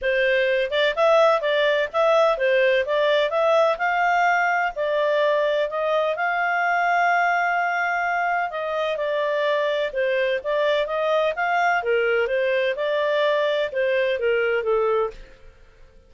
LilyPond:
\new Staff \with { instrumentName = "clarinet" } { \time 4/4 \tempo 4 = 127 c''4. d''8 e''4 d''4 | e''4 c''4 d''4 e''4 | f''2 d''2 | dis''4 f''2.~ |
f''2 dis''4 d''4~ | d''4 c''4 d''4 dis''4 | f''4 ais'4 c''4 d''4~ | d''4 c''4 ais'4 a'4 | }